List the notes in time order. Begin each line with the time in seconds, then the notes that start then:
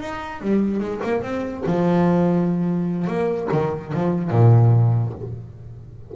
0.00 D#4
0.41 G3
0.80 G#3
1.04 A#3
1.22 C4
1.66 F3
3.07 A#3
3.52 D#3
3.94 F3
4.30 A#2